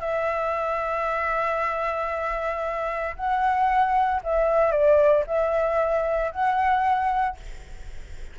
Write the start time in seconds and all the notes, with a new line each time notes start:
0.00 E5
3.16 F#5
4.23 E5
4.72 D5
5.27 E5
6.31 F#5